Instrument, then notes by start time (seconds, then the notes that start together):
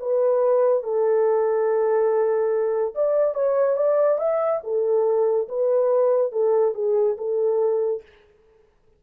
horn
0.00 B4
0.83 A4
2.95 D5
3.35 C#5
3.77 D5
4.19 E5
4.64 A4
5.49 B4
6.32 A4
6.75 G#4
7.18 A4